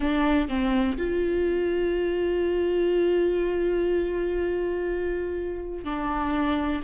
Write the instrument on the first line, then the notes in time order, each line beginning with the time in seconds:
viola
0.00 D4
0.48 C4
0.97 F4
5.84 D4